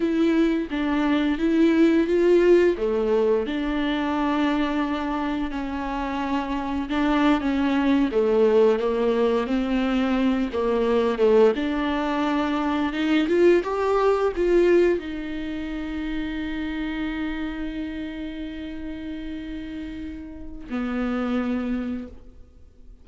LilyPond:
\new Staff \with { instrumentName = "viola" } { \time 4/4 \tempo 4 = 87 e'4 d'4 e'4 f'4 | a4 d'2. | cis'2 d'8. cis'4 a16~ | a8. ais4 c'4. ais8.~ |
ais16 a8 d'2 dis'8 f'8 g'16~ | g'8. f'4 dis'2~ dis'16~ | dis'1~ | dis'2 b2 | }